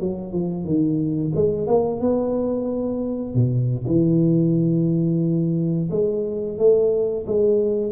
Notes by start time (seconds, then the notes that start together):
0.00 F#3
0.32 F3
0.65 D#3
1.35 G#3
1.67 A#3
2.00 B3
3.34 B2
3.87 E3
5.91 G#3
6.58 A3
7.27 G#3